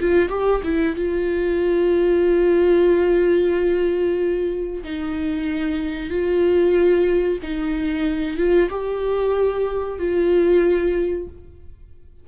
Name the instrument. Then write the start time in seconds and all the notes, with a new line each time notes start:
viola
0.00 F4
0.29 G4
0.64 E4
0.96 F4
4.84 D#4
6.10 F4
7.43 D#4
8.38 F4
8.70 G4
9.99 F4